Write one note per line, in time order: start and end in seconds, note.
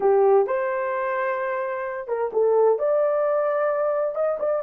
0.00 0.46 G4
0.46 2.07 C5
2.07 2.30 A#4
2.32 2.78 A4
2.78 4.15 D5
4.15 4.38 D#5
4.39 4.62 D5